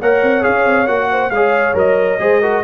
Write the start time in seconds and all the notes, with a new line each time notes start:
0.00 A#3 A#4 C#5 F#5
0.23 C4
0.42 C#4 G#4 F5
0.66 C4
0.87 A#3 F#4 F#5
1.11 C5
1.30 G#3 G#4 C#5 F5
1.74 F#3 A#4 D#5
2.20 G#3 G#4 C5
2.41 F#4 A#4